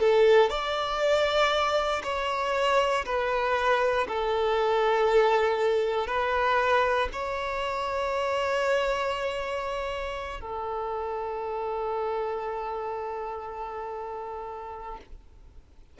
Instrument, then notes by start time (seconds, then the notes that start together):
violin
0.00 A4
0.50 D5
2.04 C#5
3.06 B4
4.08 A4
6.07 B4
7.13 C#5
10.41 A4